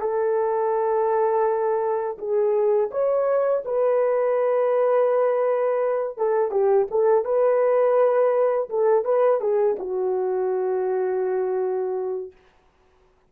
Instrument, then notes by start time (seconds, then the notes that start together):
horn
0.00 A4
2.18 G#4
2.90 C#5
3.65 B4
6.17 A4
6.51 G4
6.90 A4
7.24 B4
8.69 A4
9.04 B4
9.40 G#4
9.79 F#4